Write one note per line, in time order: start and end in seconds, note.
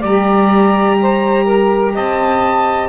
0.00 1.95 G3
0.00 2.89 G4
0.00 0.97 D5
0.00 1.96 A#5
1.01 1.44 C5
1.44 1.93 A#4
1.94 2.89 C4
1.94 2.89 D#5
1.94 2.89 A5